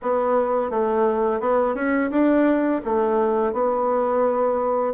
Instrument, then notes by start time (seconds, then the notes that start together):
bassoon
0.02 B3
0.70 A3
1.40 B3
1.75 C#4
2.10 D4
2.84 A3
3.52 B3